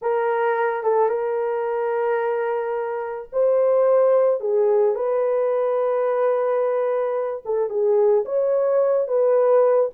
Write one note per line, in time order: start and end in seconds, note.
0.02 0.83 A#4
0.83 1.08 A4
1.08 3.29 A#4
3.32 4.40 C5
4.40 4.95 G#4
4.95 7.42 B4
7.45 7.69 A4
7.69 8.24 G#4
8.25 9.07 C#5
9.07 9.90 B4